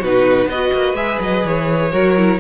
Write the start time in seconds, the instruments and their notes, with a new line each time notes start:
0.00 cello B2, viola D#4, violin F#4 B4
0.46 cello B3, violin B4 D#5
0.53 viola F#4
0.73 cello A#3
0.94 cello G#3, viola G#4, violin E5
1.20 cello F#3, violin D#5
1.45 cello E3, violin C#5
1.92 cello F#3, viola F#4, violin A#4
2.16 viola E4